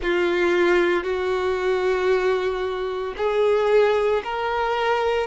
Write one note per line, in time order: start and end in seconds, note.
0.02 1.03 F4
1.03 3.13 F#4
3.17 4.22 G#4
4.23 5.27 A#4